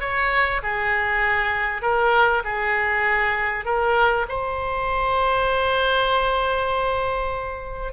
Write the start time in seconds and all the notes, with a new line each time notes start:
0.00 C#5
0.63 G#4
1.82 A#4
2.44 G#4
3.65 A#4
4.29 C5